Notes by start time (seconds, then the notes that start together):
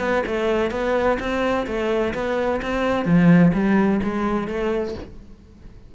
0.00 B3
0.27 A3
0.71 B3
1.20 C4
1.67 A3
2.14 B3
2.62 C4
3.06 F3
3.54 G3
4.04 G#3
4.48 A3